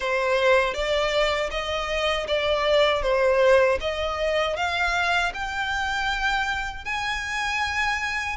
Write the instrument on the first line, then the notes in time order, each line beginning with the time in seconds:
violin
0.00 C5
0.74 D5
1.51 D#5
2.27 D5
3.02 C5
3.80 D#5
4.56 F5
5.34 G5
6.84 G#5